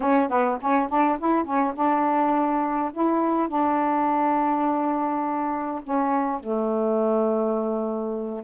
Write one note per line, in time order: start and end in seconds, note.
0.00 0.29 C#4
0.29 0.58 B3
0.61 0.88 C#4
0.88 1.18 D4
1.19 1.44 E4
1.44 1.73 C#4
1.75 2.91 D4
2.93 3.48 E4
3.48 5.81 D4
5.83 6.40 C#4
6.40 8.44 A3